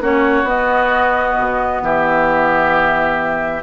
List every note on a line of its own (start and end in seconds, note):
0.00 0.43 A#3
0.00 0.45 C#4
0.00 1.82 F#4
0.00 0.47 C#5
0.43 1.33 B3
0.43 3.61 B3
0.43 1.83 D#5
1.37 1.81 B2
1.81 3.62 E3
1.81 3.62 G4
1.81 3.62 E5